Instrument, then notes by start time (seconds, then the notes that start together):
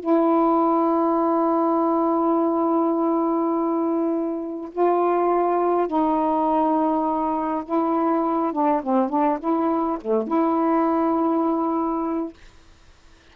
saxophone
0.00 E4
4.72 F4
5.87 D#4
7.66 E4
8.53 D4
8.83 C4
9.10 D4
9.40 E4
10.02 A3
10.28 E4